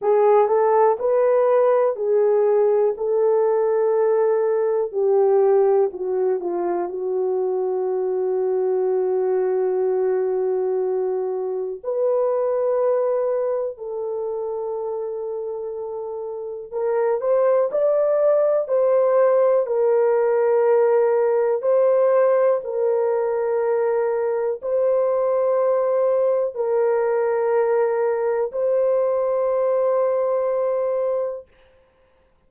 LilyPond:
\new Staff \with { instrumentName = "horn" } { \time 4/4 \tempo 4 = 61 gis'8 a'8 b'4 gis'4 a'4~ | a'4 g'4 fis'8 f'8 fis'4~ | fis'1 | b'2 a'2~ |
a'4 ais'8 c''8 d''4 c''4 | ais'2 c''4 ais'4~ | ais'4 c''2 ais'4~ | ais'4 c''2. | }